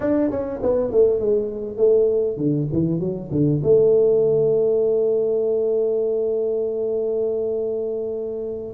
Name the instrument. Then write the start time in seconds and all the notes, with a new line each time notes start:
tuba
0.00 D4
0.30 C#4
0.62 B3
0.91 A3
1.19 G#3
1.77 A3
2.37 D3
2.72 E3
2.99 F#3
3.31 D3
3.63 A3